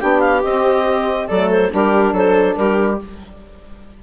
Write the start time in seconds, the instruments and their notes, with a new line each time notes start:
0.00 bassoon B3, saxophone D4, viola G4, clarinet G5
0.20 clarinet F5
0.43 bassoon C4, saxophone C4, clarinet D#5
1.29 bassoon F#3, saxophone A3, viola A4, clarinet D5
1.51 clarinet C5
1.71 bassoon G3, saxophone D4, viola G4, clarinet A#4
2.13 bassoon F#3, viola A4, clarinet C5
2.56 bassoon G3, viola G4, clarinet A#4